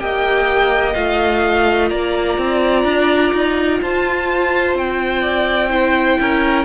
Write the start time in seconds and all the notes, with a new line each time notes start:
0.00 A#3 G4 D#5 G5
0.95 A3 F4 F5
1.90 A#3 D5 A#5
2.38 C4
2.85 D4
3.33 D#4
3.82 F4 C5 A5
4.75 C4 G5
5.22 D5
5.70 E4 C5
6.20 C#4 A#4